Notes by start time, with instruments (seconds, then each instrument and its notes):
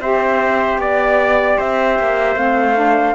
0.00 cello C4, saxophone G4, trumpet C5, flute E5
0.78 cello B3, trumpet D5, flute D5
1.58 cello C4, trumpet C5, flute E5
1.99 cello A#3
2.36 cello A3, saxophone C4, flute F5
2.75 saxophone D4